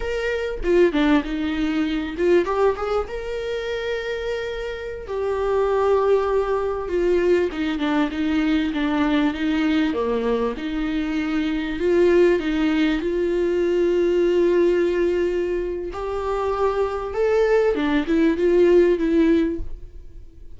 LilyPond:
\new Staff \with { instrumentName = "viola" } { \time 4/4 \tempo 4 = 98 ais'4 f'8 d'8 dis'4. f'8 | g'8 gis'8 ais'2.~ | ais'16 g'2. f'8.~ | f'16 dis'8 d'8 dis'4 d'4 dis'8.~ |
dis'16 ais4 dis'2 f'8.~ | f'16 dis'4 f'2~ f'8.~ | f'2 g'2 | a'4 d'8 e'8 f'4 e'4 | }